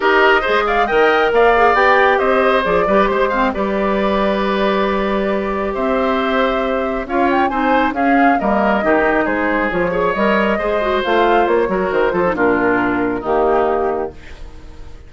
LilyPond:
<<
  \new Staff \with { instrumentName = "flute" } { \time 4/4 \tempo 4 = 136 dis''4. f''8 g''4 f''4 | g''4 dis''4 d''4 c''4 | d''1~ | d''4 e''2. |
f''8 g''8 gis''4 f''4 dis''4~ | dis''4 c''4 cis''4 dis''4~ | dis''4 f''4 cis''4 c''4 | ais'2 g'2 | }
  \new Staff \with { instrumentName = "oboe" } { \time 4/4 ais'4 c''8 d''8 dis''4 d''4~ | d''4 c''4. b'8 c''8 f''8 | b'1~ | b'4 c''2. |
cis''4 c''4 gis'4 ais'4 | g'4 gis'4. cis''4. | c''2~ c''8 ais'4 a'8 | f'2 dis'2 | }
  \new Staff \with { instrumentName = "clarinet" } { \time 4/4 g'4 gis'4 ais'4. gis'8 | g'2 gis'8 g'4 c'8 | g'1~ | g'1 |
f'4 dis'4 cis'4 ais4 | dis'2 f'8 gis'8 ais'4 | gis'8 fis'8 f'4. fis'4 f'16 dis'16 | d'2 ais2 | }
  \new Staff \with { instrumentName = "bassoon" } { \time 4/4 dis'4 gis4 dis4 ais4 | b4 c'4 f8 g8 gis4 | g1~ | g4 c'2. |
cis'4 c'4 cis'4 g4 | dis4 gis4 f4 g4 | gis4 a4 ais8 fis8 dis8 f8 | ais,2 dis2 | }
>>